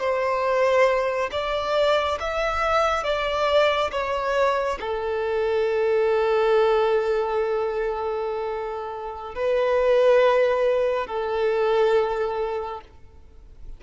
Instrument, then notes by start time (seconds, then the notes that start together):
violin
0.00 C5
1.32 D5
2.21 E5
3.04 D5
3.92 C#5
4.81 A4
9.35 B4
11.08 A4